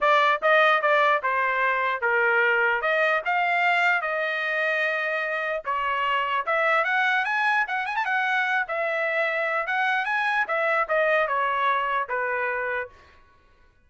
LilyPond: \new Staff \with { instrumentName = "trumpet" } { \time 4/4 \tempo 4 = 149 d''4 dis''4 d''4 c''4~ | c''4 ais'2 dis''4 | f''2 dis''2~ | dis''2 cis''2 |
e''4 fis''4 gis''4 fis''8 gis''16 a''16 | fis''4. e''2~ e''8 | fis''4 gis''4 e''4 dis''4 | cis''2 b'2 | }